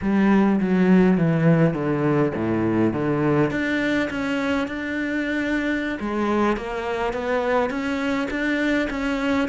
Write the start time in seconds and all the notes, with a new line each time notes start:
0.01 G3
0.60 F#3
1.17 E3
1.73 D3
2.35 A2
2.93 D3
3.51 D4
4.09 C#4
4.67 D4
5.99 G#3
6.56 A#3
7.13 B3
7.69 C#4
8.30 D4
8.90 C#4